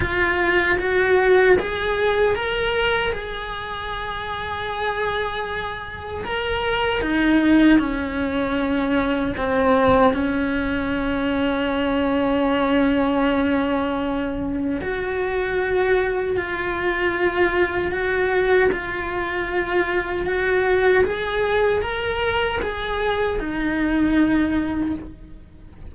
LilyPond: \new Staff \with { instrumentName = "cello" } { \time 4/4 \tempo 4 = 77 f'4 fis'4 gis'4 ais'4 | gis'1 | ais'4 dis'4 cis'2 | c'4 cis'2.~ |
cis'2. fis'4~ | fis'4 f'2 fis'4 | f'2 fis'4 gis'4 | ais'4 gis'4 dis'2 | }